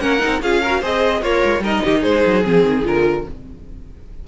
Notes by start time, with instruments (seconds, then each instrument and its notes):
0.00 cello A#3, viola C#4, violin A#4 F#5
0.19 viola D#4
0.26 cello C4
0.42 cello C#4, viola F4, violin G#4 F5
0.62 viola F#4, violin A#4
0.80 cello C4, viola G#4, violin C5 D#5
1.21 cello A#3, violin F4 C#5, viola A#4
1.44 cello G#3
1.60 cello G3, viola D#4, violin A#4 D#5
1.84 cello D#3, violin G4
2.00 cello G#3, violin G#4 C5
2.26 cello F#3
2.43 cello F3, viola C4, violin G#4
2.62 cello D#3
2.83 cello D3, viola F4, violin A#4